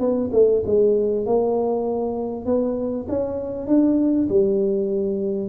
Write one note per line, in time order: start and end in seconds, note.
0.00 0.30 B3
0.33 0.63 A3
0.66 1.26 G#3
1.26 2.45 A#3
2.45 3.06 B3
3.09 3.67 C#4
3.67 4.28 D4
4.29 5.49 G3